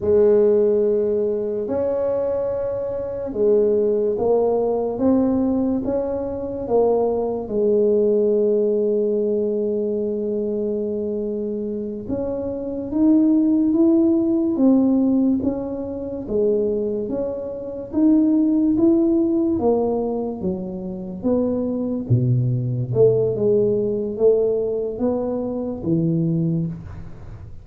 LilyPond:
\new Staff \with { instrumentName = "tuba" } { \time 4/4 \tempo 4 = 72 gis2 cis'2 | gis4 ais4 c'4 cis'4 | ais4 gis2.~ | gis2~ gis8 cis'4 dis'8~ |
dis'8 e'4 c'4 cis'4 gis8~ | gis8 cis'4 dis'4 e'4 ais8~ | ais8 fis4 b4 b,4 a8 | gis4 a4 b4 e4 | }